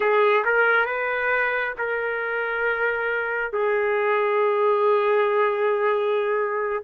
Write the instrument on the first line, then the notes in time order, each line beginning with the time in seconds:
trumpet
0.00 G#4
0.45 A#4
0.85 B4
1.78 A#4
3.52 G#4